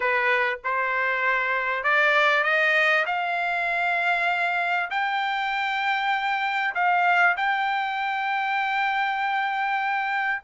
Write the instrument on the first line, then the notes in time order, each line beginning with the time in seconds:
trumpet
0.00 B4
0.63 C5
1.83 D5
2.43 D#5
3.06 F5
4.90 G5
6.74 F5
7.36 G5